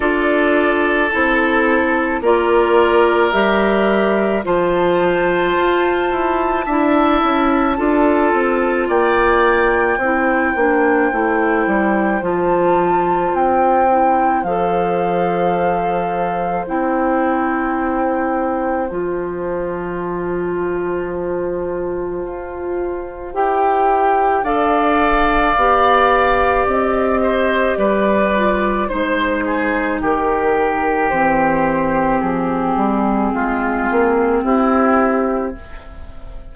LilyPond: <<
  \new Staff \with { instrumentName = "flute" } { \time 4/4 \tempo 4 = 54 d''4 a'4 d''4 e''4 | a''1 | g''2. a''4 | g''4 f''2 g''4~ |
g''4 a''2.~ | a''4 g''4 f''2 | dis''4 d''4 c''4 ais'4 | c''4 gis'2 g'4 | }
  \new Staff \with { instrumentName = "oboe" } { \time 4/4 a'2 ais'2 | c''2 e''4 a'4 | d''4 c''2.~ | c''1~ |
c''1~ | c''2 d''2~ | d''8 c''8 b'4 c''8 gis'8 g'4~ | g'2 f'4 e'4 | }
  \new Staff \with { instrumentName = "clarinet" } { \time 4/4 f'4 e'4 f'4 g'4 | f'2 e'4 f'4~ | f'4 e'8 d'8 e'4 f'4~ | f'8 e'8 a'2 e'4~ |
e'4 f'2.~ | f'4 g'4 a'4 g'4~ | g'4. f'8 dis'2 | c'1 | }
  \new Staff \with { instrumentName = "bassoon" } { \time 4/4 d'4 c'4 ais4 g4 | f4 f'8 e'8 d'8 cis'8 d'8 c'8 | ais4 c'8 ais8 a8 g8 f4 | c'4 f2 c'4~ |
c'4 f2. | f'4 e'4 d'4 b4 | c'4 g4 gis4 dis4 | e4 f8 g8 gis8 ais8 c'4 | }
>>